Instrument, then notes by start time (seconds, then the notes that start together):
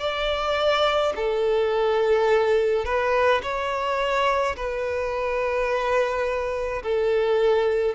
violin
0.00 D5
1.16 A4
2.85 B4
3.43 C#5
4.56 B4
6.83 A4